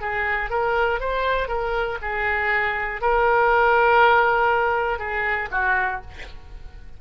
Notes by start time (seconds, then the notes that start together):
0.00 G#4
0.50 A#4
1.00 C5
1.48 A#4
2.01 G#4
3.00 A#4
4.99 G#4
5.50 F#4